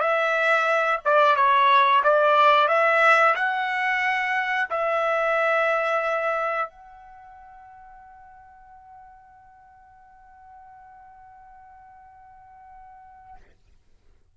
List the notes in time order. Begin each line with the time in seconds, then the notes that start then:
0.00 E5
1.04 D5
1.35 C#5
2.03 D5
2.68 E5
3.35 F#5
4.70 E5
6.69 F#5